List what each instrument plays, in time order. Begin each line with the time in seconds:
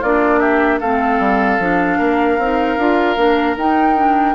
0.00 bassoon A#3, clarinet D4, oboe F4, flute D5
0.39 oboe G4, flute E5
0.79 bassoon A3, clarinet C4, oboe A4, flute F5
1.19 bassoon G3
1.58 bassoon F3, clarinet D4
1.98 bassoon A#3, oboe A#4
2.37 bassoon C4, clarinet D#4
2.77 bassoon D4, clarinet F4
3.16 bassoon A#3, clarinet D4
3.56 bassoon D#4, clarinet D#4, flute G5
3.95 clarinet D4